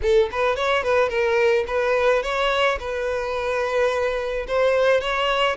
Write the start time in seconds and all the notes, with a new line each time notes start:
0.02 A4
0.31 B4
0.56 C#5
0.83 B4
1.09 A#4
1.67 B4
2.22 C#5
2.79 B4
4.47 C5
5.01 C#5